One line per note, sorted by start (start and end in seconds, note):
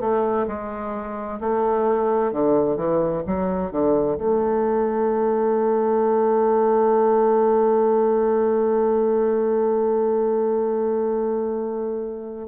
0.00 0.46 A3
0.47 1.39 G#3
1.40 2.32 A3
2.32 2.76 D3
2.76 3.22 E3
3.26 3.71 F#3
3.71 4.17 D3
4.17 12.47 A3